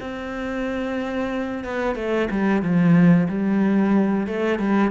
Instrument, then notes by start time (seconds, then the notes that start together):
cello
0.00 C4
1.64 B3
1.95 A3
2.30 G3
2.62 F3
3.28 G3
4.27 A3
4.59 G3